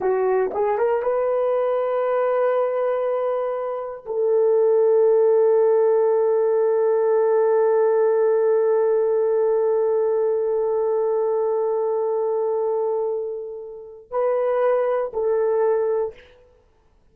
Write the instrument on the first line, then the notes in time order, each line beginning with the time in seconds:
horn
0.00 F#4
0.53 G#4
0.77 A#4
1.02 B4
4.05 A4
14.10 B4
15.13 A4